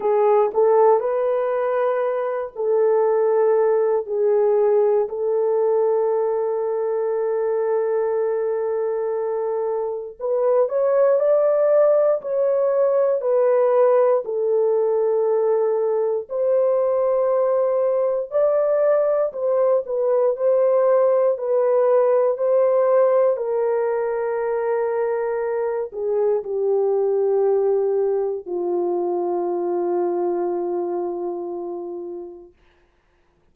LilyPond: \new Staff \with { instrumentName = "horn" } { \time 4/4 \tempo 4 = 59 gis'8 a'8 b'4. a'4. | gis'4 a'2.~ | a'2 b'8 cis''8 d''4 | cis''4 b'4 a'2 |
c''2 d''4 c''8 b'8 | c''4 b'4 c''4 ais'4~ | ais'4. gis'8 g'2 | f'1 | }